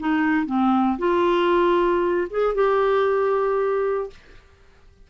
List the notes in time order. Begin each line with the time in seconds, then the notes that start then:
0.00 D#4
0.47 C4
0.99 F4
2.31 G#4
2.55 G4